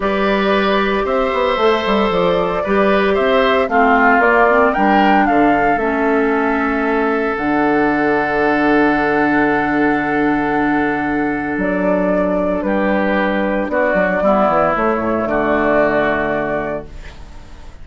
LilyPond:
<<
  \new Staff \with { instrumentName = "flute" } { \time 4/4 \tempo 4 = 114 d''2 e''2 | d''2 e''4 f''4 | d''4 g''4 f''4 e''4~ | e''2 fis''2~ |
fis''1~ | fis''2 d''2 | b'2 d''2 | cis''4 d''2. | }
  \new Staff \with { instrumentName = "oboe" } { \time 4/4 b'2 c''2~ | c''4 b'4 c''4 f'4~ | f'4 ais'4 a'2~ | a'1~ |
a'1~ | a'1 | g'2 fis'4 e'4~ | e'4 fis'2. | }
  \new Staff \with { instrumentName = "clarinet" } { \time 4/4 g'2. a'4~ | a'4 g'2 c'4 | ais8 c'8 d'2 cis'4~ | cis'2 d'2~ |
d'1~ | d'1~ | d'2. b4 | a1 | }
  \new Staff \with { instrumentName = "bassoon" } { \time 4/4 g2 c'8 b8 a8 g8 | f4 g4 c'4 a4 | ais4 g4 d4 a4~ | a2 d2~ |
d1~ | d2 fis2 | g2 b8 fis8 g8 e8 | a8 a,8 d2. | }
>>